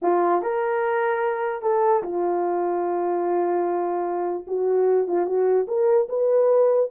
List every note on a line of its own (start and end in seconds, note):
0.01 0.42 F4
0.42 1.62 A#4
1.62 2.02 A4
2.02 4.46 F4
4.47 5.07 F#4
5.07 5.25 F4
5.25 5.66 F#4
5.67 6.08 A#4
6.08 6.90 B4